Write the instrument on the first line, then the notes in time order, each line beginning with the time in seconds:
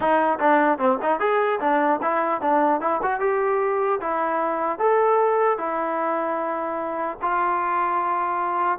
trombone
0.00 D#4
0.39 D4
0.78 C4
1.02 D#4
1.19 G#4
1.60 D4
2.02 E4
2.41 D4
2.80 E4
3.02 F#4
3.20 G4
4.00 E4
4.78 A4
5.57 E4
7.21 F4